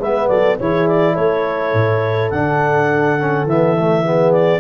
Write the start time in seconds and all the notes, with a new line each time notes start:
0.00 G#3 B3 B4 E5
0.28 F#3 A4 D5
0.59 E3 E4 G#4 C#5
0.88 D5
1.14 A3 A4 C#5
1.74 A2
2.31 D3 D4 F#5
3.19 C#4
3.45 E3 B3 E5
3.79 A3
4.04 B3 G#4
4.33 D5